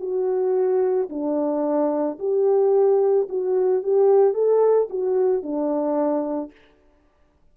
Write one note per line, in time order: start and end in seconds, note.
0.00 1.09 F#4
1.10 2.19 D4
2.19 3.28 G4
3.29 3.83 F#4
3.83 4.34 G4
4.34 4.88 A4
4.90 5.42 F#4
5.42 6.52 D4